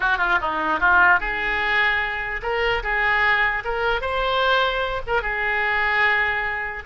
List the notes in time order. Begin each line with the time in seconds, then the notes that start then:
0.00 F#4
0.18 F4
0.41 D#4
0.80 F4
1.20 G#4
2.42 A#4
2.83 G#4
3.64 A#4
4.01 C5
5.06 A#4
5.22 G#4